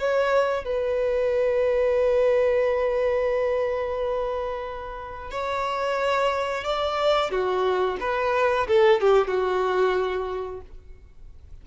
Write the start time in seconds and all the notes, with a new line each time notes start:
0.00 C#5
0.65 B4
5.31 C#5
6.65 D5
7.31 F#4
8.01 B4
8.68 A4
9.01 G4
9.28 F#4